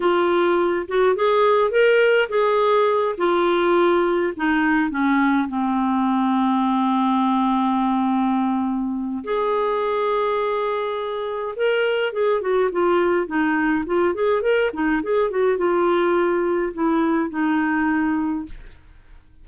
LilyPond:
\new Staff \with { instrumentName = "clarinet" } { \time 4/4 \tempo 4 = 104 f'4. fis'8 gis'4 ais'4 | gis'4. f'2 dis'8~ | dis'8 cis'4 c'2~ c'8~ | c'1 |
gis'1 | ais'4 gis'8 fis'8 f'4 dis'4 | f'8 gis'8 ais'8 dis'8 gis'8 fis'8 f'4~ | f'4 e'4 dis'2 | }